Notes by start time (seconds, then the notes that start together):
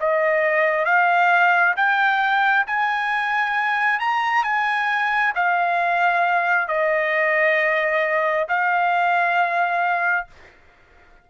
0.00 D#5
0.85 F5
1.77 G5
2.67 G#5
4.00 A#5
4.44 G#5
5.35 F5
6.68 D#5
8.48 F5